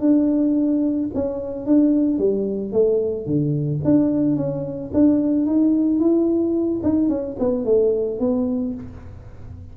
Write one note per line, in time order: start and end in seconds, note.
0.00 1.09 D4
1.14 1.66 C#4
1.66 2.18 D4
2.18 2.72 G3
2.72 3.26 A3
3.26 3.81 D3
3.85 4.37 D4
4.37 4.91 C#4
4.94 5.46 D4
5.46 6.00 D#4
6.00 6.82 E4
6.83 7.09 D#4
7.09 7.36 C#4
7.39 7.65 B3
7.65 8.20 A3
8.20 8.74 B3